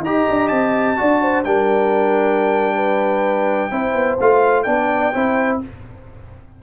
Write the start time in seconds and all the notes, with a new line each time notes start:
0.00 D#4 G4 D#5 A#5
0.30 D4
0.48 C4 A5
0.96 D4 F#4 D5
1.22 C5
1.44 G3 D4 A#4 G5
2.75 B4
3.71 C4 E4 C5
3.94 B3
4.20 A3 F4 F5
4.63 B3 D4 D5 G5
5.13 C4 E4 C5